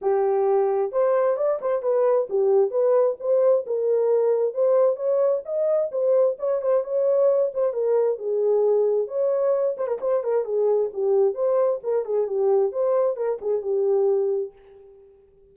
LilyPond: \new Staff \with { instrumentName = "horn" } { \time 4/4 \tempo 4 = 132 g'2 c''4 d''8 c''8 | b'4 g'4 b'4 c''4 | ais'2 c''4 cis''4 | dis''4 c''4 cis''8 c''8 cis''4~ |
cis''8 c''8 ais'4 gis'2 | cis''4. c''16 ais'16 c''8 ais'8 gis'4 | g'4 c''4 ais'8 gis'8 g'4 | c''4 ais'8 gis'8 g'2 | }